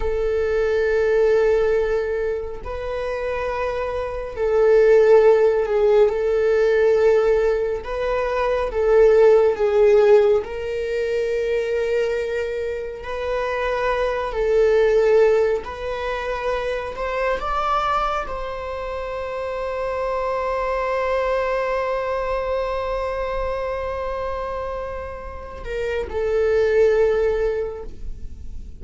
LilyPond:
\new Staff \with { instrumentName = "viola" } { \time 4/4 \tempo 4 = 69 a'2. b'4~ | b'4 a'4. gis'8 a'4~ | a'4 b'4 a'4 gis'4 | ais'2. b'4~ |
b'8 a'4. b'4. c''8 | d''4 c''2.~ | c''1~ | c''4. ais'8 a'2 | }